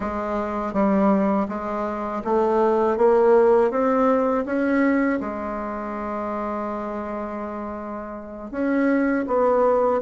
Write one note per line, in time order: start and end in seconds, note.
0.00 0.73 G#3
0.73 1.47 G3
1.48 2.22 G#3
2.24 2.97 A3
2.97 3.70 A#3
3.70 4.44 C4
4.45 5.19 C#4
5.20 8.51 G#3
8.51 9.25 C#4
9.27 10.01 B3